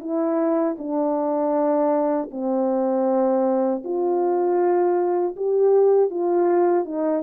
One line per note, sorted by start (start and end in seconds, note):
0.00 0.76 E4
0.78 2.30 D4
2.31 3.83 C4
3.84 5.36 F4
5.36 6.10 G4
6.10 6.85 F4
6.85 7.23 D#4